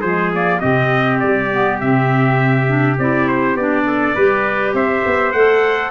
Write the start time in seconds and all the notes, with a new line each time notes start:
0.00 F3 G#3 G#4 C5
0.34 A#3 D5
0.60 C3 C4 G4 D#5
1.19 G3 D5
1.51 B3
1.80 C3 C4 E5
2.67 D4
2.99 C4 E4 D5
3.28 C5
3.55 B3 D4 D5
3.86 A4
4.15 G3 G4 B4
4.73 C4 C5 E5
5.06 B3
5.32 A3 A4 F#5